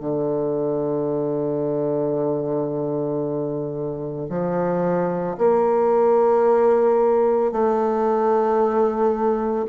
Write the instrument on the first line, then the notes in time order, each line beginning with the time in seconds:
bassoon
0.00 D3
4.30 F3
5.38 A#3
7.52 A3